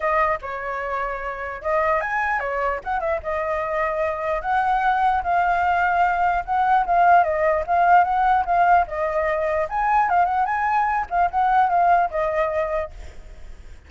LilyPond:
\new Staff \with { instrumentName = "flute" } { \time 4/4 \tempo 4 = 149 dis''4 cis''2. | dis''4 gis''4 cis''4 fis''8 e''8 | dis''2. fis''4~ | fis''4 f''2. |
fis''4 f''4 dis''4 f''4 | fis''4 f''4 dis''2 | gis''4 f''8 fis''8 gis''4. f''8 | fis''4 f''4 dis''2 | }